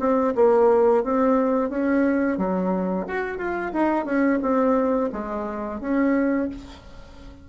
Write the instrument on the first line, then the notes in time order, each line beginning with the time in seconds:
bassoon
0.00 C4
0.36 A#3
1.04 C4
1.70 C#4
2.38 F#3
3.07 F#4
3.38 F4
3.73 D#4
4.06 C#4
4.42 C4
5.13 G#3
5.81 C#4